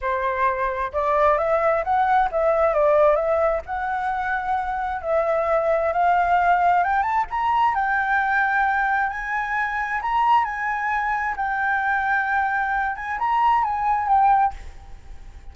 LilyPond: \new Staff \with { instrumentName = "flute" } { \time 4/4 \tempo 4 = 132 c''2 d''4 e''4 | fis''4 e''4 d''4 e''4 | fis''2. e''4~ | e''4 f''2 g''8 a''8 |
ais''4 g''2. | gis''2 ais''4 gis''4~ | gis''4 g''2.~ | g''8 gis''8 ais''4 gis''4 g''4 | }